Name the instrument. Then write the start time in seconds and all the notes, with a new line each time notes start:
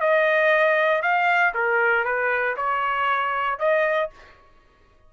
trumpet
0.00 D#5
1.02 F5
1.54 A#4
2.04 B4
2.56 C#5
3.59 D#5